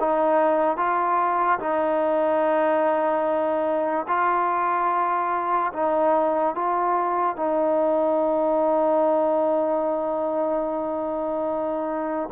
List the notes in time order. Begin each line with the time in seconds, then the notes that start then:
0.00 D#4
0.77 F4
1.60 D#4
4.08 F4
5.73 D#4
6.55 F4
7.36 D#4